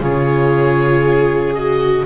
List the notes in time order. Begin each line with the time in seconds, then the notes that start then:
0.00 C#3 F4 G#4 C#5
1.54 F#4 D#5